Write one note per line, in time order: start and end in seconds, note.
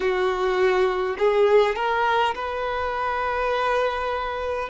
0.00 1.16 F#4
1.18 1.75 G#4
1.75 2.34 A#4
2.35 4.69 B4